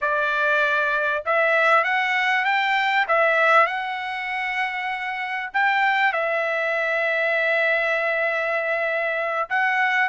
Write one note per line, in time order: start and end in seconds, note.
0.01 1.23 D5
1.26 1.84 E5
1.84 2.44 F#5
2.44 3.06 G5
3.08 3.66 E5
3.66 5.50 F#5
5.53 6.12 G5
6.12 9.49 E5
9.49 10.09 F#5